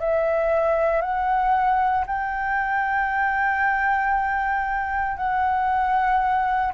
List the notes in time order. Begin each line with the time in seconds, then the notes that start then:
0.00 E5
1.02 F#5
2.07 G5
5.17 F#5